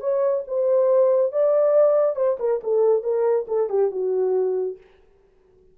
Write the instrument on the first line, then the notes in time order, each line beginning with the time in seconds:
horn
0.00 C#5
0.47 C5
1.32 D5
2.16 C5
2.39 A#4
2.63 A4
3.03 A#4
3.48 A4
3.69 G4
3.91 F#4